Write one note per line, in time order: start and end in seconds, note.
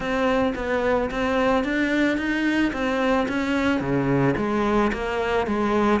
0.00 0.53 C4
0.55 1.09 B3
1.10 1.64 C4
1.64 2.17 D4
2.17 2.71 D#4
2.72 3.27 C4
3.28 3.80 C#4
3.80 4.35 C#3
4.36 4.91 G#3
4.92 5.46 A#3
5.46 6.00 G#3